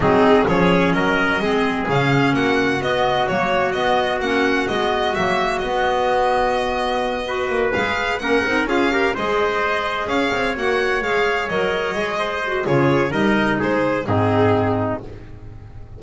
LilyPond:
<<
  \new Staff \with { instrumentName = "violin" } { \time 4/4 \tempo 4 = 128 gis'4 cis''4 dis''2 | f''4 fis''4 dis''4 cis''4 | dis''4 fis''4 dis''4 e''4 | dis''1~ |
dis''8 f''4 fis''4 f''4 dis''8~ | dis''4. f''4 fis''4 f''8~ | f''8 dis''2~ dis''8 cis''4 | dis''4 c''4 gis'2 | }
  \new Staff \with { instrumentName = "trumpet" } { \time 4/4 dis'4 gis'4 ais'4 gis'4~ | gis'4 fis'2.~ | fis'1~ | fis'2.~ fis'8 b'8~ |
b'4. ais'4 gis'8 ais'8 c''8~ | c''4. cis''2~ cis''8~ | cis''2 c''4 gis'4 | ais'4 gis'4 dis'2 | }
  \new Staff \with { instrumentName = "clarinet" } { \time 4/4 c'4 cis'2 c'4 | cis'2 b4 ais4 | b4 cis'4 b4 ais4 | b2.~ b8 fis'8~ |
fis'8 gis'4 cis'8 dis'8 f'8 g'8 gis'8~ | gis'2~ gis'8 fis'4 gis'8~ | gis'8 ais'4 gis'4 fis'8 f'4 | dis'2 c'2 | }
  \new Staff \with { instrumentName = "double bass" } { \time 4/4 fis4 f4 fis4 gis4 | cis4 ais4 b4 fis4 | b4 ais4 gis4 fis4 | b1 |
ais8 gis4 ais8 c'8 cis'4 gis8~ | gis4. cis'8 c'8 ais4 gis8~ | gis8 fis4 gis4. cis4 | g4 gis4 gis,2 | }
>>